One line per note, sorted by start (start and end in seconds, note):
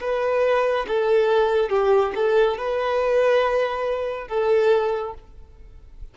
0.00 0.86 B4
0.88 1.69 A4
1.69 2.12 G4
2.15 2.58 A4
2.58 4.28 B4
4.28 5.14 A4